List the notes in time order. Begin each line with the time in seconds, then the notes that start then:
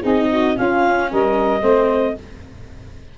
0.00 C4 D#4 G#4 D#5
0.30 F#4
0.56 C#4 F4 F5
1.11 G3 A#4 D#5
1.61 A3 C4 C5